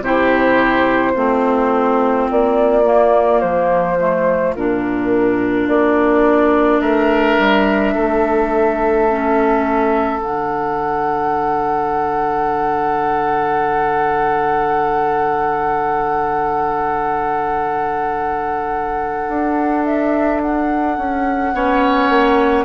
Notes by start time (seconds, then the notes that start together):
0.00 C3 E4 G4 C5
1.12 A3 C4 F4
2.30 A#3 D5
2.84 A#3
3.40 F3 C5
4.00 A3
4.55 A#2 D4 A#4
5.68 A#3 D5
6.80 A3 A#4 E5
7.38 G3
7.94 A3 A4
9.09 C#4
10.21 D3 D4 F#5
19.28 D4
19.84 E5
20.42 F#5
20.97 C#4
21.53 B3 C#4 C#5
22.09 A#3